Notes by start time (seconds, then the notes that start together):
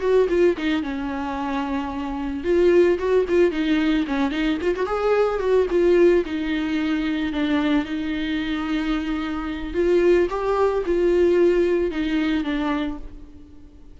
0.00 F#4
0.29 F4
0.57 D#4
0.82 C#4
2.43 F4
2.98 F#4
3.28 F4
3.51 D#4
4.07 C#4
4.30 D#4
4.61 F4
4.76 F#4
4.86 G#4
5.39 F#4
5.70 F4
6.25 D#4
7.32 D4
7.85 D#4
9.73 F4
10.29 G4
10.85 F4
11.91 D#4
12.43 D4